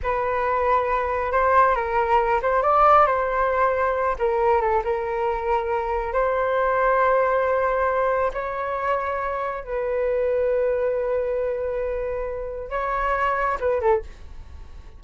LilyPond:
\new Staff \with { instrumentName = "flute" } { \time 4/4 \tempo 4 = 137 b'2. c''4 | ais'4. c''8 d''4 c''4~ | c''4. ais'4 a'8 ais'4~ | ais'2 c''2~ |
c''2. cis''4~ | cis''2 b'2~ | b'1~ | b'4 cis''2 b'8 a'8 | }